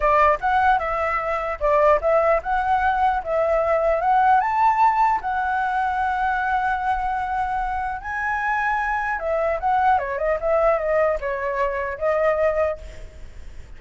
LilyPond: \new Staff \with { instrumentName = "flute" } { \time 4/4 \tempo 4 = 150 d''4 fis''4 e''2 | d''4 e''4 fis''2 | e''2 fis''4 a''4~ | a''4 fis''2.~ |
fis''1 | gis''2. e''4 | fis''4 cis''8 dis''8 e''4 dis''4 | cis''2 dis''2 | }